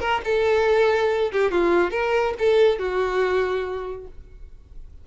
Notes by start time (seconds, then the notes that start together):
0.00 A#4
0.24 A4
1.32 G4
1.51 F4
1.91 A#4
2.39 A4
2.79 F#4